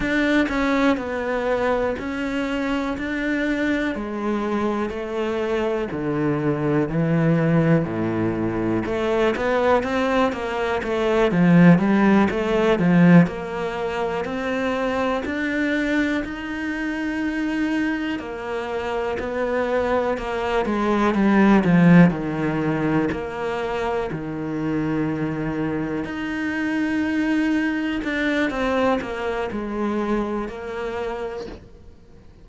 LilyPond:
\new Staff \with { instrumentName = "cello" } { \time 4/4 \tempo 4 = 61 d'8 cis'8 b4 cis'4 d'4 | gis4 a4 d4 e4 | a,4 a8 b8 c'8 ais8 a8 f8 | g8 a8 f8 ais4 c'4 d'8~ |
d'8 dis'2 ais4 b8~ | b8 ais8 gis8 g8 f8 dis4 ais8~ | ais8 dis2 dis'4.~ | dis'8 d'8 c'8 ais8 gis4 ais4 | }